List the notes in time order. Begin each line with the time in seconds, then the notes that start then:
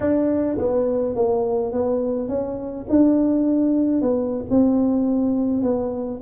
0.00 D4
0.58 B3
1.15 A#3
1.72 B3
2.28 C#4
2.89 D4
4.01 B3
4.50 C4
5.62 B3